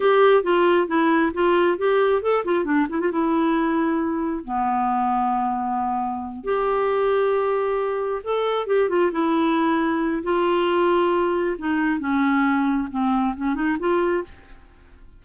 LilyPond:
\new Staff \with { instrumentName = "clarinet" } { \time 4/4 \tempo 4 = 135 g'4 f'4 e'4 f'4 | g'4 a'8 f'8 d'8 e'16 f'16 e'4~ | e'2 b2~ | b2~ b8 g'4.~ |
g'2~ g'8 a'4 g'8 | f'8 e'2~ e'8 f'4~ | f'2 dis'4 cis'4~ | cis'4 c'4 cis'8 dis'8 f'4 | }